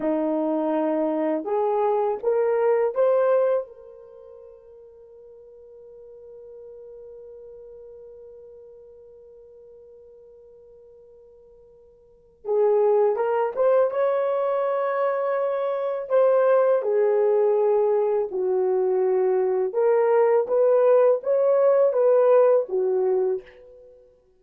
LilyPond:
\new Staff \with { instrumentName = "horn" } { \time 4/4 \tempo 4 = 82 dis'2 gis'4 ais'4 | c''4 ais'2.~ | ais'1~ | ais'1~ |
ais'4 gis'4 ais'8 c''8 cis''4~ | cis''2 c''4 gis'4~ | gis'4 fis'2 ais'4 | b'4 cis''4 b'4 fis'4 | }